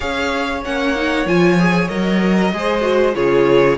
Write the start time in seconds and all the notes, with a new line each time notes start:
0.00 C#4 G#4 C#5 F5
0.64 A#3 C#4 F#5
0.95 D#4
1.25 F3 F4 G#5
1.58 G#4
1.88 F#3 A#4 D#5
2.36 A#4
2.52 G#3 G#4 C5
2.80 F#4
3.14 C#3 F4 G#4 C#5